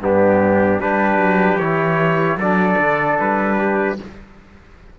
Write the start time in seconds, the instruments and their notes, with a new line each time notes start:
0.00 cello G2, trombone B3, trumpet D4 G4
0.81 cello G3, trombone D4, trumpet G4 B4
1.17 cello F#3
1.59 cello E3, trombone E4, trumpet C#5
2.36 cello F#3, trombone D4, trumpet A4 D5
2.78 cello D3
3.20 cello G3, trumpet B4
3.59 trumpet G4